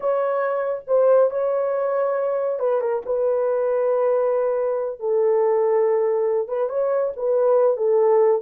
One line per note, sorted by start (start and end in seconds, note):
0.00 0.82 C#5
0.87 1.30 C5
1.30 2.59 C#5
2.59 2.80 B4
2.81 3.02 A#4
3.05 4.99 B4
4.99 6.48 A4
6.48 6.69 B4
6.69 7.12 C#5
7.16 7.76 B4
7.76 8.41 A4